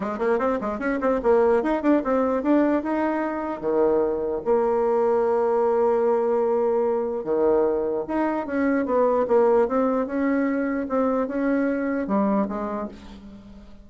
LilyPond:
\new Staff \with { instrumentName = "bassoon" } { \time 4/4 \tempo 4 = 149 gis8 ais8 c'8 gis8 cis'8 c'8 ais4 | dis'8 d'8 c'4 d'4 dis'4~ | dis'4 dis2 ais4~ | ais1~ |
ais2 dis2 | dis'4 cis'4 b4 ais4 | c'4 cis'2 c'4 | cis'2 g4 gis4 | }